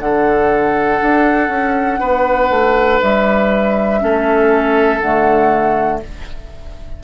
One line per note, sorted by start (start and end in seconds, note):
0.00 1.00 D3
0.00 4.00 D4
0.00 2.00 A4
0.00 3.01 F#5
1.02 1.49 D4
1.49 1.99 C#4
2.00 2.50 B3
2.00 4.00 B4
2.50 3.00 A3
3.02 4.02 G3
3.02 5.00 E5
4.00 5.01 A3
4.00 5.00 C#4
4.00 6.03 A4
5.00 6.01 D3
5.00 6.04 A3
5.00 6.00 F#5